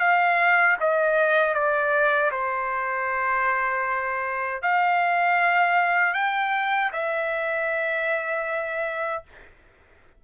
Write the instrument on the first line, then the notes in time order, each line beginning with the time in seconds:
trumpet
0.00 F5
0.80 D#5
1.54 D5
2.32 C5
4.62 F5
6.14 G5
6.93 E5